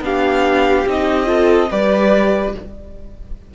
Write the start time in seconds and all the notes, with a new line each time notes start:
0.00 B3 D4 G4 F5
0.86 C4 D#4 D#5
1.25 F4 A4
1.70 G3 G4 B4 D5